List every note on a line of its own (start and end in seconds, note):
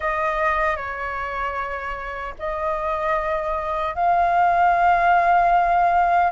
0.00 0.76 D#5
0.76 2.34 C#5
2.38 3.94 D#5
3.94 6.31 F5